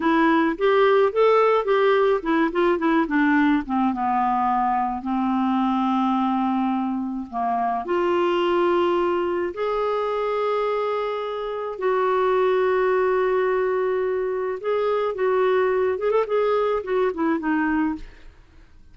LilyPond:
\new Staff \with { instrumentName = "clarinet" } { \time 4/4 \tempo 4 = 107 e'4 g'4 a'4 g'4 | e'8 f'8 e'8 d'4 c'8 b4~ | b4 c'2.~ | c'4 ais4 f'2~ |
f'4 gis'2.~ | gis'4 fis'2.~ | fis'2 gis'4 fis'4~ | fis'8 gis'16 a'16 gis'4 fis'8 e'8 dis'4 | }